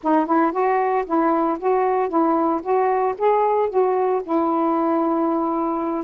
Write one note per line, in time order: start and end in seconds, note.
0.03 0.26 D#4
0.26 0.52 E4
0.52 1.04 F#4
1.06 1.58 E4
1.59 2.08 F#4
2.08 2.61 E4
2.62 3.15 F#4
3.18 3.69 G#4
3.69 4.22 F#4
4.23 6.04 E4